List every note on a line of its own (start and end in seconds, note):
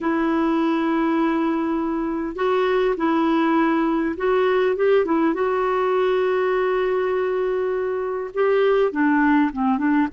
0.00 2.35 E4
2.35 2.95 F#4
2.96 4.15 E4
4.16 4.76 F#4
4.76 5.05 G4
5.05 5.33 E4
5.33 8.30 F#4
8.34 8.91 G4
8.91 9.50 D4
9.52 9.77 C4
9.77 10.07 D4